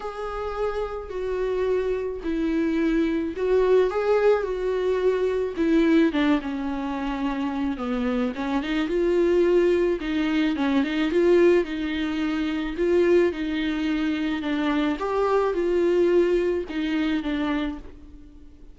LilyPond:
\new Staff \with { instrumentName = "viola" } { \time 4/4 \tempo 4 = 108 gis'2 fis'2 | e'2 fis'4 gis'4 | fis'2 e'4 d'8 cis'8~ | cis'2 b4 cis'8 dis'8 |
f'2 dis'4 cis'8 dis'8 | f'4 dis'2 f'4 | dis'2 d'4 g'4 | f'2 dis'4 d'4 | }